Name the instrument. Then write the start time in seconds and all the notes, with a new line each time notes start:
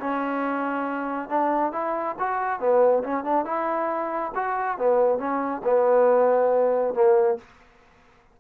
trombone
0.00 C#4
1.29 D4
1.72 E4
2.19 F#4
2.60 B3
3.03 C#4
3.24 D4
3.45 E4
4.35 F#4
4.78 B3
5.19 C#4
5.64 B3
6.94 A#3